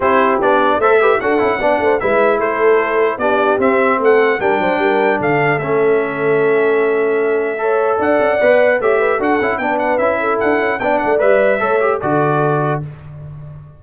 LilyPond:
<<
  \new Staff \with { instrumentName = "trumpet" } { \time 4/4 \tempo 4 = 150 c''4 d''4 e''4 fis''4~ | fis''4 e''4 c''2 | d''4 e''4 fis''4 g''4~ | g''4 f''4 e''2~ |
e''1 | fis''2 e''4 fis''4 | g''8 fis''8 e''4 fis''4 g''8 fis''8 | e''2 d''2 | }
  \new Staff \with { instrumentName = "horn" } { \time 4/4 g'2 c''8 b'8 a'4 | d''8 c''8 b'4 a'2 | g'2 a'4 ais'8 c''8 | ais'4 a'2.~ |
a'2. cis''4 | d''2 cis''8 b'8 a'4 | b'4. a'4. d''4~ | d''4 cis''4 a'2 | }
  \new Staff \with { instrumentName = "trombone" } { \time 4/4 e'4 d'4 a'8 g'8 fis'8 e'8 | d'4 e'2. | d'4 c'2 d'4~ | d'2 cis'2~ |
cis'2. a'4~ | a'4 b'4 g'4 fis'8 e'8 | d'4 e'2 d'4 | b'4 a'8 g'8 fis'2 | }
  \new Staff \with { instrumentName = "tuba" } { \time 4/4 c'4 b4 a4 d'8 cis'8 | b8 a8 gis4 a2 | b4 c'4 a4 g8 fis8 | g4 d4 a2~ |
a1 | d'8 cis'8 b4 a4 d'8 cis'8 | b4 cis'4 d'8 cis'8 b8 a8 | g4 a4 d2 | }
>>